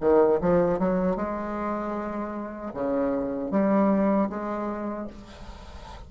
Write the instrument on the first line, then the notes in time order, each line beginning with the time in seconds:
bassoon
0.00 D#3
0.41 F3
0.79 F#3
1.16 G#3
2.73 C#3
3.51 G3
4.29 G#3